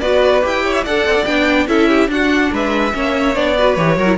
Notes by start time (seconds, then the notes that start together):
0.00 B3 F#4 B4 D5
0.42 E4 G4 G5
0.64 C#5
0.73 E5
0.84 D4 A4 D5 F#5
1.07 C4
1.15 D4
1.25 B3 D4 G5
1.67 C#4 E4 A4 E5
1.89 G4
2.08 D4 F#4 F#5
2.52 G#3 B4 E5
2.93 A#3 C#4 C#5
3.35 B3 D4 D5
3.58 F#4 B4
3.75 E3 G4 C#5
3.97 F#3 F#4 A#4
4.07 E4